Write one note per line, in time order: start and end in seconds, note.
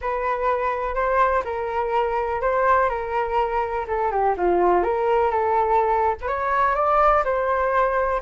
0.01 0.95 B4
0.95 1.43 C5
1.44 2.41 A#4
2.41 2.89 C5
2.89 3.86 A#4
3.87 4.11 A4
4.11 4.35 G4
4.37 4.83 F4
4.83 5.30 A#4
5.30 6.15 A4
6.21 6.27 B4
6.27 6.75 C#5
6.75 7.23 D5
7.24 8.21 C5